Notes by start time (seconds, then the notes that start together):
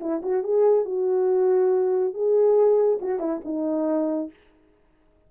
0.00 E4
0.23 F#4
0.43 G#4
0.85 F#4
2.14 G#4
3.01 F#4
3.19 E4
3.44 D#4